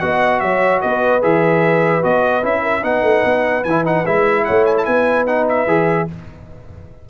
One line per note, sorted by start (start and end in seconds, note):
0.00 0.42 B3
0.00 1.21 F#4
0.00 0.41 D#5
0.00 0.40 F#5
0.40 0.82 F#3
0.40 0.81 C#5
0.40 0.80 E5
0.81 1.24 B3
0.81 2.62 B4
0.81 1.22 D#5
1.21 2.04 E3
1.21 2.02 G#4
1.21 2.04 E5
2.02 2.44 B3
2.02 2.43 F#4
2.02 2.45 D#5
2.43 2.84 C#4
2.43 2.83 E4
2.43 2.84 E5
2.62 2.82 A#4
2.83 3.02 B3
2.83 3.64 D#4
2.83 4.45 B4
2.83 3.64 F#5
3.02 3.23 A3
3.25 3.65 B3
3.64 4.05 E3
3.64 3.84 G#5
3.70 3.85 E4
3.85 4.05 D#4
3.85 4.06 F#5
4.06 4.48 G#3
4.06 5.27 E4
4.06 4.45 E5
4.45 4.87 A3
4.45 4.86 C#5
4.45 4.65 F#5
4.66 4.76 G#5
4.78 4.85 A5
4.85 5.67 B3
4.85 6.07 B4
4.85 5.26 G#5
5.27 5.67 D#4
5.27 5.47 F#5
5.49 6.10 E5
5.67 6.07 E3
5.67 6.08 G#4